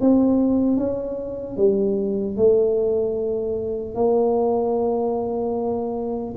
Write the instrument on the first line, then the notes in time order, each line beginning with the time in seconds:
tuba
0.00 C4
0.76 C#4
1.56 G3
2.36 A3
3.94 A#3